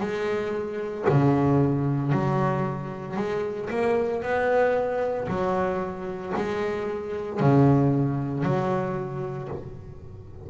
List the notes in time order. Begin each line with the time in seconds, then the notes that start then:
0.00 G#3
1.09 C#3
2.12 F#3
3.17 G#3
3.70 A#3
4.22 B3
5.28 F#3
6.36 G#3
7.40 C#3
8.43 F#3